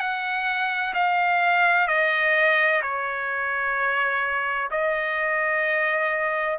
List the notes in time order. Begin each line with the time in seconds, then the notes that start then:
0.00 F#5
0.94 F5
1.88 D#5
2.82 C#5
4.71 D#5